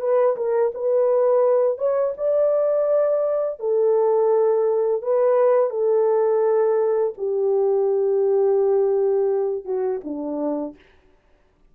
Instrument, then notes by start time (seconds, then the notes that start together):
horn
0.00 B4
0.36 A#4
0.74 B4
1.78 C#5
2.17 D5
3.59 A4
5.02 B4
5.70 A4
7.17 G4
9.65 F#4
10.04 D4